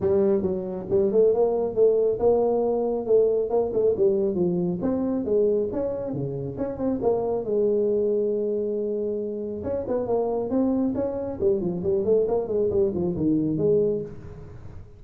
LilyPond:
\new Staff \with { instrumentName = "tuba" } { \time 4/4 \tempo 4 = 137 g4 fis4 g8 a8 ais4 | a4 ais2 a4 | ais8 a8 g4 f4 c'4 | gis4 cis'4 cis4 cis'8 c'8 |
ais4 gis2.~ | gis2 cis'8 b8 ais4 | c'4 cis'4 g8 f8 g8 a8 | ais8 gis8 g8 f8 dis4 gis4 | }